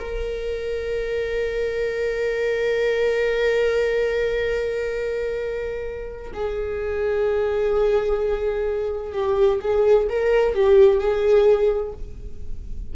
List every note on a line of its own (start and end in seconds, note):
0.00 6.33 A#4
6.34 9.13 G#4
9.13 9.60 G4
9.61 10.08 G#4
10.09 10.55 A#4
10.55 11.00 G4
11.00 11.94 G#4